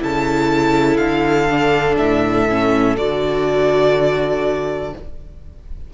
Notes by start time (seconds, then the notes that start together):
0.00 C#3 E4 A4 A5
0.97 D3 F5
1.51 D4
1.98 A2 E5
2.49 C#4
2.97 D3 F#4 D5